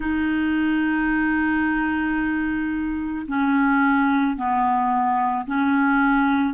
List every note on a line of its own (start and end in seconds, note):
0.00 3.26 D#4
3.27 4.36 C#4
4.36 5.45 B3
5.46 6.54 C#4